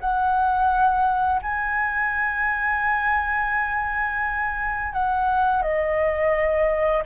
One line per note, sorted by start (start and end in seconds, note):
0.00 1.41 F#5
1.42 4.93 G#5
4.93 5.62 F#5
5.62 7.03 D#5